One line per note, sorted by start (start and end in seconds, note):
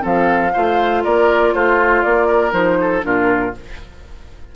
0.00 0.54 F3
0.00 0.50 C4
0.00 0.52 A4
0.00 1.04 F5
0.53 1.05 A3
0.53 2.51 F4
0.53 1.02 C5
1.03 1.53 A#3
1.03 1.53 A#4
1.03 1.53 D5
1.53 2.03 A3
1.53 2.27 F4
1.53 2.02 C5
2.02 2.52 A#3
2.02 2.52 D5
2.27 2.77 A#4
2.51 3.02 F3
2.51 3.01 D#4
2.51 3.02 C5
2.80 3.05 A4
3.01 3.55 A#2
3.01 3.51 D4
3.01 3.55 F4
3.01 3.54 A#4